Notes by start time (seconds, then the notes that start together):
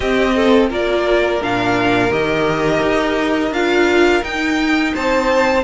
0.00 C4 G4 D#5
0.35 A4
0.69 A#3 F4 A#4 D5
1.42 A#2 D4 F5
2.10 D#3 G4 D#5
2.81 D#4
3.51 D4 F4 F5
4.22 D#4 G5
4.94 C4 C5 A5